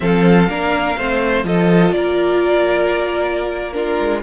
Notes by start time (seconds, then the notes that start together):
0.00 F3 C4 A4 F5
0.48 A#3 D4 A#4
0.97 A3 C4 C5
1.44 F3 F4 A4 D#5
1.92 A#3 A#4 D5
3.72 D4 F4 A#4
4.00 G#3